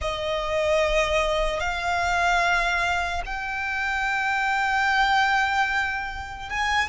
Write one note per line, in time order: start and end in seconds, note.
0.01 1.60 D#5
1.60 3.22 F5
3.25 6.49 G5
6.49 6.88 G#5